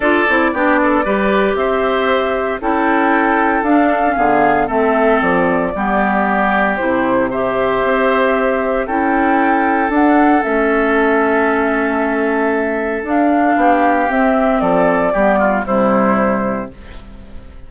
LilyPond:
<<
  \new Staff \with { instrumentName = "flute" } { \time 4/4 \tempo 4 = 115 d''2. e''4~ | e''4 g''2 f''4~ | f''4 e''4 d''2~ | d''4 c''4 e''2~ |
e''4 g''2 fis''4 | e''1~ | e''4 f''2 e''4 | d''2 c''2 | }
  \new Staff \with { instrumentName = "oboe" } { \time 4/4 a'4 g'8 a'8 b'4 c''4~ | c''4 a'2. | gis'4 a'2 g'4~ | g'2 c''2~ |
c''4 a'2.~ | a'1~ | a'2 g'2 | a'4 g'8 f'8 e'2 | }
  \new Staff \with { instrumentName = "clarinet" } { \time 4/4 f'8 e'8 d'4 g'2~ | g'4 e'2 d'8. cis'16 | b4 c'2 b4~ | b4 e'4 g'2~ |
g'4 e'2 d'4 | cis'1~ | cis'4 d'2 c'4~ | c'4 b4 g2 | }
  \new Staff \with { instrumentName = "bassoon" } { \time 4/4 d'8 c'8 b4 g4 c'4~ | c'4 cis'2 d'4 | d4 a4 f4 g4~ | g4 c2 c'4~ |
c'4 cis'2 d'4 | a1~ | a4 d'4 b4 c'4 | f4 g4 c2 | }
>>